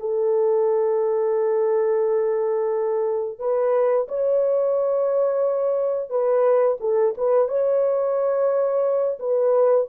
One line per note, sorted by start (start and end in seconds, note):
0.00 3.39 A4
3.39 4.08 B4
4.08 6.10 C#5
6.10 6.78 B4
6.81 7.15 A4
7.18 7.48 B4
7.48 9.19 C#5
9.20 9.88 B4